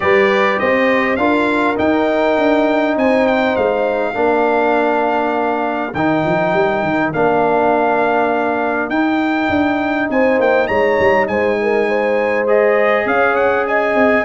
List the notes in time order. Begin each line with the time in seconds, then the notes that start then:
0.00 G3 G4 B4 D5
0.59 C4 C5 D#5
1.16 D4 F4 A#4 F5
1.76 D#4 G5
2.37 D4
2.96 C4 C5 G#5
3.27 G5
3.56 G#3 F5
4.13 A#3 D4 A#4
5.94 D#3 D#4 G5
6.25 F3
6.53 G3
6.82 D#3
7.13 A#3 D4 F5
8.89 D#4 G5
9.49 D4
10.09 C4 C5 G#5
10.38 A#3 G5
10.67 G#3 C#5 A#5
10.99 G3
11.27 G#3 C5 G#5
11.62 A#4
11.87 C5
12.47 G#4 D#5
13.05 C#4 C#5 F5
13.35 F#5
13.66 D#5 G#5
13.94 C4